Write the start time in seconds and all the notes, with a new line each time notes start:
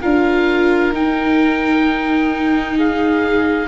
0.00 D4 F4 A#4 F5
0.92 D#4 G5
2.76 G#4 F5